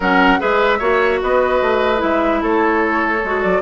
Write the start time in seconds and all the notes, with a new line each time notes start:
0.00 F#3 C#4 A#4 F#5
0.39 G#3 G#4 B4 E5
0.78 A#3 F#4 C#5
1.21 B3 B4 D#5
1.61 A3
1.97 G#3 E4 E5
2.42 A3 A4 C#5
3.23 G#3 F#4
3.42 F#3 D5